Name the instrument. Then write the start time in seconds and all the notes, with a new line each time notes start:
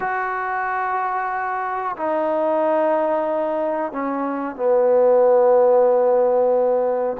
trombone
0.00 F#4
1.97 D#4
3.92 C#4
4.56 B3